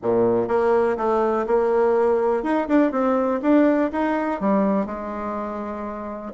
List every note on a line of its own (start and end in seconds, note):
0.02 0.47 A#2
0.47 0.96 A#3
0.97 1.45 A3
1.47 2.43 A#3
2.43 2.67 D#4
2.68 2.91 D4
2.91 3.40 C4
3.41 3.90 D4
3.92 4.40 D#4
4.40 4.86 G3
4.86 6.32 G#3